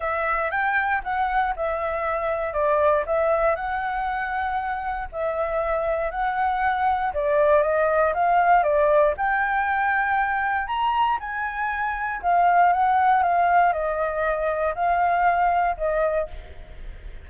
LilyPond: \new Staff \with { instrumentName = "flute" } { \time 4/4 \tempo 4 = 118 e''4 g''4 fis''4 e''4~ | e''4 d''4 e''4 fis''4~ | fis''2 e''2 | fis''2 d''4 dis''4 |
f''4 d''4 g''2~ | g''4 ais''4 gis''2 | f''4 fis''4 f''4 dis''4~ | dis''4 f''2 dis''4 | }